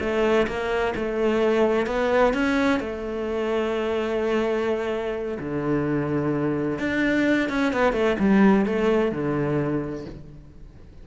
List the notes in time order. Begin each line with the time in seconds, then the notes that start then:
0.00 A3
0.47 A#3
0.95 A3
1.86 B3
2.34 C#4
2.80 A3
5.39 D3
6.79 D4
7.49 C#4
7.73 B3
7.93 A3
8.19 G3
8.65 A3
9.12 D3